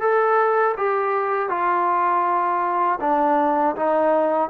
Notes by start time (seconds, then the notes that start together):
0.00 A4
0.77 G4
1.49 F4
3.00 D4
3.76 D#4